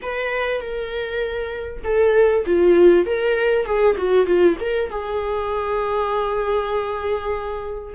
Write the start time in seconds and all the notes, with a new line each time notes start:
0.02 B4
0.60 A#4
1.83 A4
2.45 F4
3.06 A#4
3.65 G#4
3.97 F#4
4.26 F4
4.60 A#4
4.90 G#4